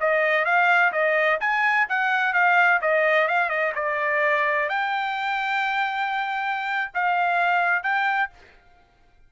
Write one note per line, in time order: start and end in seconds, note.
0.00 0.45 D#5
0.45 0.92 F5
0.92 1.39 D#5
1.40 1.87 G#5
1.89 2.33 F#5
2.33 2.80 F5
2.81 3.28 D#5
3.28 3.49 F5
3.49 3.73 D#5
3.75 4.69 D5
4.69 6.92 G5
6.94 7.83 F5
7.83 8.30 G5